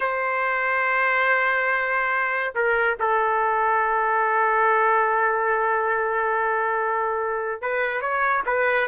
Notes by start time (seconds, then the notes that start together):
0.00 C5
2.54 A#4
2.99 A4
7.61 B4
8.01 C#5
8.46 B4